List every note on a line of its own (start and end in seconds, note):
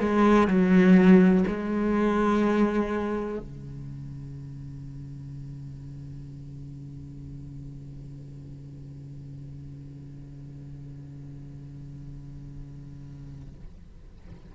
0.00 0.48 G#3
0.48 1.45 F#3
1.48 3.39 G#3
3.39 13.55 C#3